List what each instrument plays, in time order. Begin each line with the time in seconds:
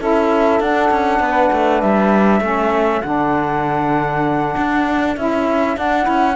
0.00 cello C#4, saxophone E4 A4, flute E5
0.61 cello D4, saxophone D4, flute F#5
0.91 cello C#4
1.20 cello B3, saxophone B4
1.53 cello A3
1.81 cello G3, flute E5
2.41 cello A3, saxophone C#4 A4
3.02 cello D3, saxophone D4, flute F#5
4.57 cello D4
5.17 cello C#4, saxophone E4, flute E5
5.76 saxophone D4, cello D4, flute F#5
6.03 cello C#4, saxophone E4